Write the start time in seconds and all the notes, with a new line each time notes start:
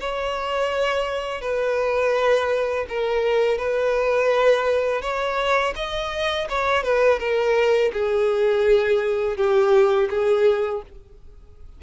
0.00 C#5
1.41 B4
2.89 A#4
3.58 B4
5.02 C#5
5.76 D#5
6.49 C#5
6.83 B4
7.19 A#4
7.93 G#4
9.37 G4
10.10 G#4